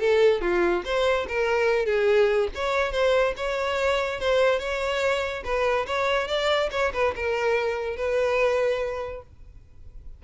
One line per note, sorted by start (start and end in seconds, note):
0.00 0.42 A4
0.42 0.84 F4
0.85 1.27 C5
1.29 1.86 A#4
1.86 2.49 G#4
2.55 2.92 C#5
2.92 3.34 C5
3.37 4.20 C#5
4.20 4.60 C5
4.60 5.44 C#5
5.45 5.87 B4
5.87 6.28 C#5
6.28 6.70 D5
6.72 6.93 C#5
6.94 7.15 B4
7.16 7.97 A#4
7.97 9.23 B4